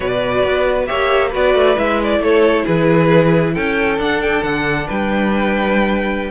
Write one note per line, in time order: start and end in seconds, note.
0.00 0.43 B2
0.00 0.87 F#4
0.00 0.88 B4
0.00 0.85 D5
0.44 0.89 B3
0.86 1.34 A#3
0.86 1.31 G4
0.86 1.29 C#5
0.86 1.30 E5
1.29 1.54 B3
1.29 1.76 F#4
1.29 2.18 B4
1.29 1.78 D5
1.54 1.76 A3
1.76 2.19 G#3
1.76 3.98 E4
1.76 2.00 E5
2.03 2.23 D5
2.19 2.64 A3
2.19 2.64 A4
2.19 2.65 C#5
2.64 3.56 E3
2.64 3.53 G#4
2.64 3.54 B4
3.54 3.98 C#4
3.54 4.87 A4
3.54 3.98 G5
3.98 4.42 D4
3.98 6.31 D4
3.98 4.21 F#5
4.21 4.43 G5
4.43 4.87 D3
4.43 4.87 F#5
4.87 6.31 G3
4.87 6.31 B4
4.87 6.31 G5